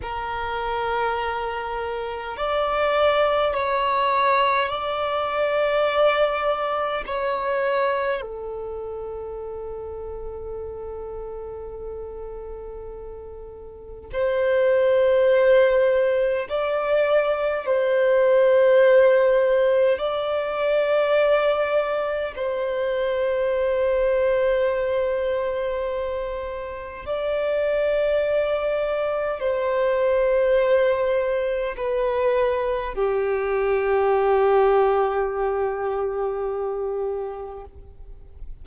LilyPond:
\new Staff \with { instrumentName = "violin" } { \time 4/4 \tempo 4 = 51 ais'2 d''4 cis''4 | d''2 cis''4 a'4~ | a'1 | c''2 d''4 c''4~ |
c''4 d''2 c''4~ | c''2. d''4~ | d''4 c''2 b'4 | g'1 | }